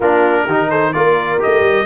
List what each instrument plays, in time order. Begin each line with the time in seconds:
0.00 tuba A#3, trombone D4, horn F4, trumpet A#4
0.45 tuba D#3, trombone D#4, horn G4
0.69 horn A4, trumpet C5
0.92 tuba A#3, trombone F4, horn A#4, trumpet D5
1.39 trombone G4, trumpet D#5
1.45 tuba A3
1.60 tuba G3